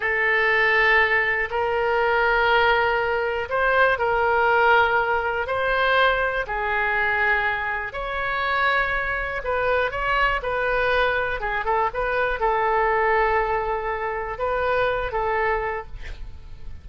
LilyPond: \new Staff \with { instrumentName = "oboe" } { \time 4/4 \tempo 4 = 121 a'2. ais'4~ | ais'2. c''4 | ais'2. c''4~ | c''4 gis'2. |
cis''2. b'4 | cis''4 b'2 gis'8 a'8 | b'4 a'2.~ | a'4 b'4. a'4. | }